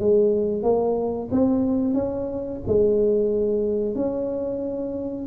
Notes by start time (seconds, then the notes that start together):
0.00 G#3
0.63 A#3
1.32 C4
1.94 C#4
2.67 G#3
3.95 C#4